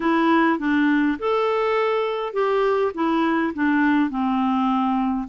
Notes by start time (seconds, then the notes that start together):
0.00 E4
0.59 D4
1.19 A4
2.33 G4
2.94 E4
3.54 D4
4.10 C4